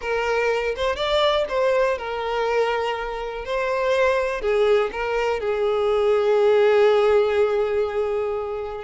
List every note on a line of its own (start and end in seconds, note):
0.01 0.75 A#4
0.76 0.95 C5
0.95 1.45 D5
1.48 1.98 C5
1.98 3.45 A#4
3.45 4.41 C5
4.41 4.90 G#4
4.92 5.40 A#4
5.40 8.84 G#4